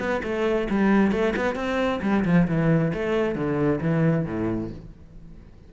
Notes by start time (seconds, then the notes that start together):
0.00 B3
0.24 A3
0.70 G3
1.12 A3
1.37 B3
1.56 C4
2.03 G3
2.26 F3
2.48 E3
2.94 A3
3.36 D3
3.81 E3
4.26 A2